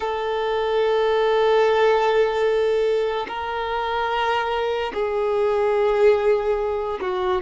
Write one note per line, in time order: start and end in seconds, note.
0.00 3.26 A4
3.28 4.92 A#4
4.93 6.99 G#4
7.01 7.41 F#4